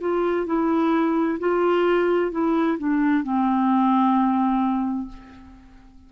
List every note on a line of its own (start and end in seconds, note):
0.00 0.46 F4
0.46 1.38 E4
1.39 2.31 F4
2.31 2.77 E4
2.78 3.23 D4
3.23 5.08 C4